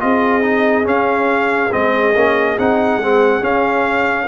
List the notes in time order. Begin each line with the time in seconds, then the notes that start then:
0.00 C4 F4 G#4 D#5
0.42 D#4
0.84 C#4 F5
1.72 G#3 C4 D#5
2.15 A#3 C#4
2.59 C4 D#4 F#5
2.98 G#3 C4
3.41 C#4 F5